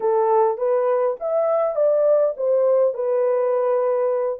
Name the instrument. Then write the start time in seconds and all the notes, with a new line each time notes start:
horn
0.00 A4
0.57 B4
1.20 E5
1.75 D5
2.36 C5
2.94 B4